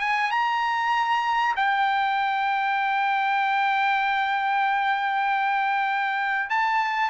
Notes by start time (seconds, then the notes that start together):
0.00 G#5
0.31 A#5
1.56 G5
6.50 A5